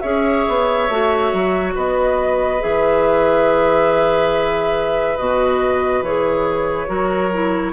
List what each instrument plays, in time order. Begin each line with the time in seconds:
0.00 bassoon C#4, clarinet G#4, oboe C#5, flute E5
0.48 bassoon B3
0.89 bassoon A3, clarinet F#4
1.33 bassoon F#3
1.74 bassoon B3, oboe B4, flute D#5
2.59 bassoon E3, clarinet G#4, flute E5
5.17 bassoon B2, clarinet F#4, flute D#5
6.02 bassoon E3, clarinet G#4, flute C#5
6.87 bassoon F#3, clarinet F#4, oboe A#4
7.32 clarinet E4